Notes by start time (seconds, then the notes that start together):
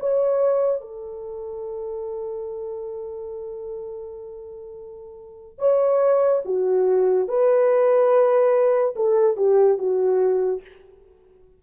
0.00 C#5
0.81 A4
5.59 C#5
6.45 F#4
7.28 B4
8.96 A4
9.37 G4
9.78 F#4